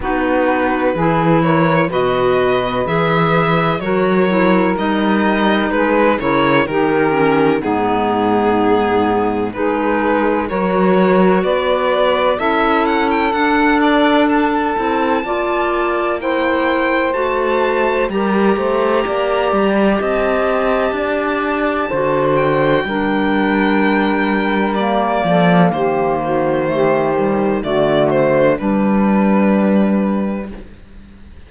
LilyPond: <<
  \new Staff \with { instrumentName = "violin" } { \time 4/4 \tempo 4 = 63 b'4. cis''8 dis''4 e''4 | cis''4 dis''4 b'8 cis''8 ais'4 | gis'2 b'4 cis''4 | d''4 e''8 fis''16 g''16 fis''8 d''8 a''4~ |
a''4 g''4 a''4 ais''4~ | ais''4 a''2~ a''8 g''8~ | g''2 d''4 c''4~ | c''4 d''8 c''8 b'2 | }
  \new Staff \with { instrumentName = "saxophone" } { \time 4/4 fis'4 gis'8 ais'8 b'2 | ais'2 gis'8 ais'8 g'4 | dis'2 gis'4 ais'4 | b'4 a'2. |
d''4 c''2 ais'8 c''8 | d''4 dis''4 d''4 c''4 | ais'2~ ais'8 a'8 g'8 fis'8 | g'4 fis'4 d'2 | }
  \new Staff \with { instrumentName = "clarinet" } { \time 4/4 dis'4 e'4 fis'4 gis'4 | fis'8 e'8 dis'4. e'8 dis'8 cis'8 | b2 dis'4 fis'4~ | fis'4 e'4 d'4. e'8 |
f'4 e'4 fis'4 g'4~ | g'2. fis'4 | d'2 ais2 | a8 g8 a4 g2 | }
  \new Staff \with { instrumentName = "cello" } { \time 4/4 b4 e4 b,4 e4 | fis4 g4 gis8 cis8 dis4 | gis,2 gis4 fis4 | b4 cis'4 d'4. c'8 |
ais2 a4 g8 a8 | ais8 g8 c'4 d'4 d4 | g2~ g8 f8 dis4~ | dis4 d4 g2 | }
>>